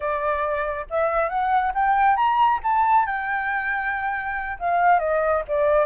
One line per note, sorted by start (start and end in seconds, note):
0.00 0.86 D5
0.89 1.29 E5
1.29 1.72 F#5
1.74 2.16 G5
2.16 2.59 A#5
2.63 3.06 A5
3.06 4.58 G5
4.59 4.99 F5
4.99 5.42 D#5
5.48 5.85 D5